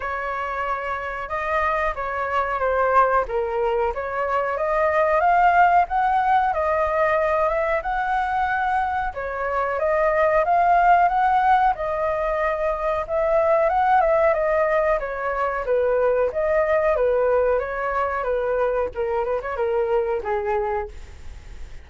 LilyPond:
\new Staff \with { instrumentName = "flute" } { \time 4/4 \tempo 4 = 92 cis''2 dis''4 cis''4 | c''4 ais'4 cis''4 dis''4 | f''4 fis''4 dis''4. e''8 | fis''2 cis''4 dis''4 |
f''4 fis''4 dis''2 | e''4 fis''8 e''8 dis''4 cis''4 | b'4 dis''4 b'4 cis''4 | b'4 ais'8 b'16 cis''16 ais'4 gis'4 | }